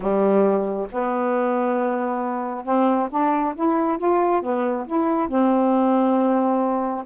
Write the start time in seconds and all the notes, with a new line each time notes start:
0.00 G3
0.91 B3
2.64 C4
3.10 D4
3.55 E4
3.97 F4
4.42 B3
4.86 E4
5.28 C4